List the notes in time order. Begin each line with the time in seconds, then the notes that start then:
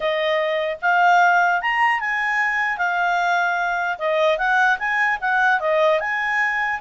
0.00 D#5
0.81 F5
1.61 A#5
2.00 G#5
2.77 F5
3.98 D#5
4.38 F#5
4.79 G#5
5.20 F#5
5.59 D#5
6.00 G#5